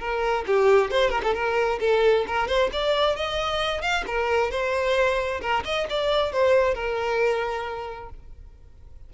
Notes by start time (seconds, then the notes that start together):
0.00 A#4
0.47 G4
0.91 C5
1.10 A#4
1.23 A4
1.34 A#4
1.80 A4
2.27 A#4
2.48 C5
2.73 D5
3.16 D#5
3.82 F5
4.07 A#4
4.51 C5
5.41 A#4
5.65 D#5
5.90 D5
6.33 C5
6.74 A#4